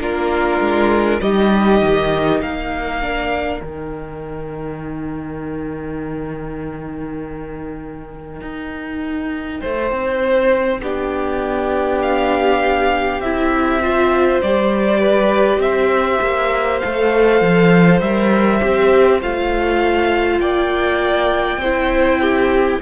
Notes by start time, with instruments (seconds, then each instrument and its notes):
0.00 cello A#3, viola D4, violin F4 A#4
0.60 cello G#3
1.21 cello G3, viola D#4, violin G4 D#5
1.81 cello D#3
2.40 cello A#3, violin A#4 F5
3.02 viola D4
3.60 cello D#3, viola D#4, violin G5
8.41 cello D#4
9.61 cello A3, violin C5
9.92 cello C4
10.81 cello B3, viola D4, violin G4
12.02 violin F5
13.20 cello C4, viola E4, violin E5
13.83 viola F4, violin C5
14.42 cello G3, viola G4, violin D5
15.00 violin B4
15.58 cello C4, violin E5
15.64 violin C5
16.21 cello A#3
16.80 cello A3, viola A4, violin F5
17.41 cello F3
18.00 cello G3, viola A#4, violin E5
18.60 cello C4, viola G4
19.21 cello A3, viola F4, violin F5
20.40 cello A#3, violin D5 G5
21.57 cello C4, viola E4, violin C5
22.21 violin G4